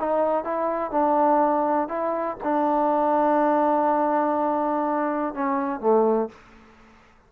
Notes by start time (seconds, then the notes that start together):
0.00 D#4
0.45 E4
0.91 D4
1.88 E4
2.44 D4
5.34 C#4
5.80 A3